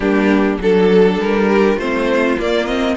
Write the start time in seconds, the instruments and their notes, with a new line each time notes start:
0.00 cello G3, viola A#3, violin D4 G4
0.59 cello F#3, viola D4, violin A4
1.19 cello G3, violin A#4
1.49 violin G4
1.75 cello A3, viola C4, violin F4 C5
2.38 cello A#3, viola A#3, violin D5
2.65 viola C4, violin D#5